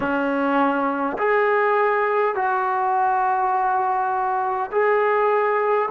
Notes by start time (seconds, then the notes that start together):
0.00 C#4
1.18 G#4
2.35 F#4
4.71 G#4